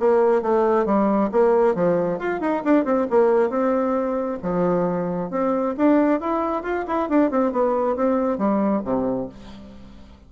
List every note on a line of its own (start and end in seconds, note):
0.00 0.42 A#3
0.42 0.86 A3
0.86 1.30 G3
1.32 1.75 A#3
1.75 2.19 F3
2.19 2.41 F4
2.41 2.63 D#4
2.65 2.85 D4
2.85 3.07 C4
3.10 3.50 A#3
3.50 4.39 C4
4.43 5.31 F3
5.31 5.75 C4
5.77 6.21 D4
6.21 6.63 E4
6.63 6.85 F4
6.87 7.09 E4
7.09 7.31 D4
7.31 7.53 C4
7.53 7.96 B3
7.96 8.38 C4
8.38 8.83 G3
8.85 9.29 C3